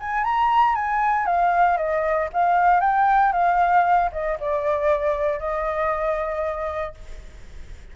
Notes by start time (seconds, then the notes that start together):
0.00 G#5
0.24 A#5
0.75 G#5
1.26 F5
1.77 D#5
2.33 F5
2.81 G5
3.32 F5
4.12 D#5
4.40 D5
5.39 D#5